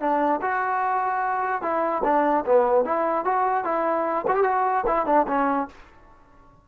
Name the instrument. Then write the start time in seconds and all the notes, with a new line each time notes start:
trombone
0.00 D4
0.42 F#4
1.62 E4
2.04 D4
2.46 B3
2.85 E4
3.25 F#4
3.64 E4
4.28 F#4
4.35 G4
4.44 F#4
4.87 E4
5.06 D4
5.28 C#4